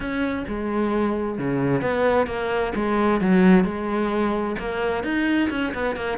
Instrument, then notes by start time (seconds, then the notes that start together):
cello
0.00 C#4
0.47 G#3
1.38 C#3
1.81 B3
2.27 A#3
2.75 G#3
3.20 F#3
3.64 G#3
4.58 A#3
5.03 D#4
5.50 C#4
5.74 B3
5.95 A#3